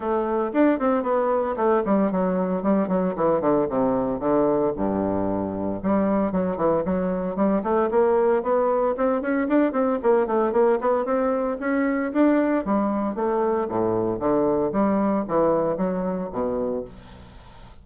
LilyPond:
\new Staff \with { instrumentName = "bassoon" } { \time 4/4 \tempo 4 = 114 a4 d'8 c'8 b4 a8 g8 | fis4 g8 fis8 e8 d8 c4 | d4 g,2 g4 | fis8 e8 fis4 g8 a8 ais4 |
b4 c'8 cis'8 d'8 c'8 ais8 a8 | ais8 b8 c'4 cis'4 d'4 | g4 a4 a,4 d4 | g4 e4 fis4 b,4 | }